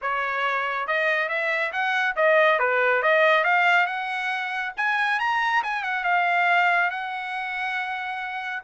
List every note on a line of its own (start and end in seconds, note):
0.01 0.87 C#5
0.87 1.29 D#5
1.29 1.72 E5
1.72 2.15 F#5
2.15 2.59 D#5
2.59 3.02 B4
3.02 3.43 D#5
3.43 3.86 F5
3.86 4.72 F#5
4.77 5.19 G#5
5.19 5.62 A#5
5.63 5.83 G#5
5.83 6.04 F#5
6.04 6.90 F5
6.90 8.63 F#5